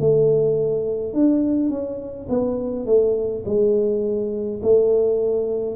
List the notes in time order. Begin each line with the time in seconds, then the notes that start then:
0.00 A3
1.14 D4
1.70 C#4
2.30 B3
2.86 A3
3.46 G#3
4.63 A3